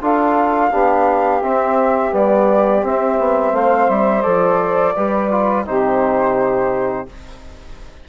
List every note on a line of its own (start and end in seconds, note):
0.00 0.72 D4
0.00 0.71 F4
0.00 0.70 A4
0.00 1.43 F5
0.70 1.42 B3
0.70 1.41 D4
0.70 3.53 G4
1.42 2.12 C4
1.42 2.11 C4
1.42 2.14 E5
2.11 2.84 G3
2.11 2.82 B3
2.11 2.85 D5
2.82 4.23 C4
2.82 3.19 C4
2.82 3.55 E5
3.19 3.52 B3
3.52 3.88 A3
3.52 4.95 C5
3.52 3.90 F5
3.89 4.24 G3
3.89 4.22 E5
4.22 4.96 F3
4.22 4.94 A4
4.22 5.63 D5
4.95 5.67 G3
4.95 5.31 G4
4.95 5.66 B4
5.31 5.66 F4
5.66 7.09 C3
5.66 7.07 D#4
5.66 7.09 G4
5.66 7.09 C5